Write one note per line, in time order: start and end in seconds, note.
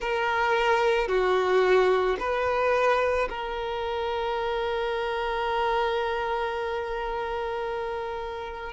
0.00 1.08 A#4
1.08 2.17 F#4
2.19 3.28 B4
3.29 8.73 A#4